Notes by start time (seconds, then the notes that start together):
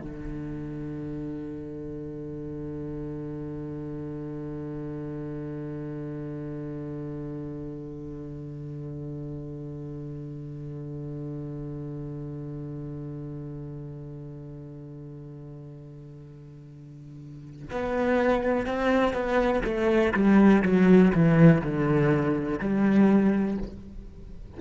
0.00 D3
17.71 B3
18.67 C4
19.14 B3
19.65 A3
20.14 G3
20.63 F#3
21.15 E3
21.62 D3
22.60 G3